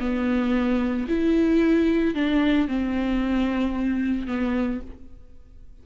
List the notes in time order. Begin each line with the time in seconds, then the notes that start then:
0.00 B3
1.08 E4
2.15 D4
2.68 C4
4.27 B3